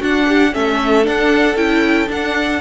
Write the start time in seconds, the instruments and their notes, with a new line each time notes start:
0.00 viola D4, cello D4, violin F#4 F#5
0.28 violin G4
0.52 cello A3, viola C#4, violin A4 E5
1.03 viola D4, cello D4, violin F#5
1.56 cello C#4, viola E4, violin G5
2.08 viola D4, cello D4, violin F#5